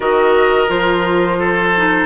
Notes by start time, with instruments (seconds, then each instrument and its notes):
0.00 bassoon D#3, clarinet F#4, oboe A#4, flute D#5
0.67 bassoon F3, clarinet F4, flute C5
1.38 oboe A4
1.76 clarinet D#4